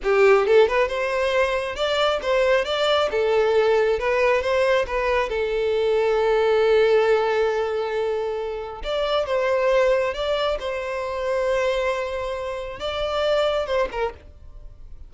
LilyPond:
\new Staff \with { instrumentName = "violin" } { \time 4/4 \tempo 4 = 136 g'4 a'8 b'8 c''2 | d''4 c''4 d''4 a'4~ | a'4 b'4 c''4 b'4 | a'1~ |
a'1 | d''4 c''2 d''4 | c''1~ | c''4 d''2 c''8 ais'8 | }